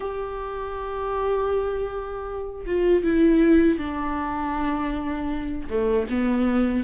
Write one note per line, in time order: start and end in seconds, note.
0.00 2.65 G4
2.65 3.03 F4
3.03 3.78 E4
3.78 5.68 D4
5.69 6.07 A3
6.09 6.84 B3